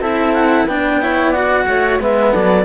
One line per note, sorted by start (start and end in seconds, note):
0.00 0.66 C4
0.00 0.69 E4
0.00 0.66 A4
0.00 0.33 E5
0.33 0.67 F#5
0.66 1.66 B3
0.66 1.02 D4
0.66 0.99 B4
0.66 1.32 G5
1.02 1.35 E4
1.02 1.30 C#5
1.30 2.00 F#4
1.30 1.63 D5
1.30 1.99 F#5
1.68 2.00 A3
1.68 2.02 C#5
2.00 2.33 G#3
2.00 2.65 B3
2.00 2.31 B4
2.00 2.34 E5
2.31 2.65 F#3
2.31 2.64 A4
2.31 2.65 D5